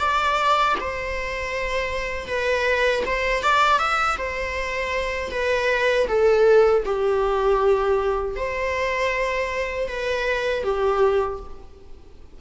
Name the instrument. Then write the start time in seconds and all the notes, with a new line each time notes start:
viola
0.00 D5
0.81 C5
2.28 B4
3.07 C5
3.43 D5
3.79 E5
4.18 C5
5.32 B4
6.08 A4
6.86 G4
8.36 C5
9.88 B4
10.64 G4